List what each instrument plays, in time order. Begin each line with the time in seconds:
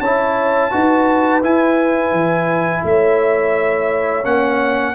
0.00 tuba C#4, trombone E4, horn C#5, trumpet A5
0.70 tuba D#4, trombone F#4, horn B4
1.42 trombone E4, tuba E4, trumpet G#5
2.12 tuba E3
2.84 tuba A3, horn C#5, trumpet E5
4.23 tuba A#3, trombone C#4, trumpet F#5